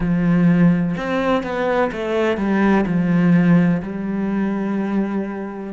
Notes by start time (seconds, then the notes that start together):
0.00 F3
0.97 C4
1.43 B3
1.91 A3
2.37 G3
2.86 F3
3.82 G3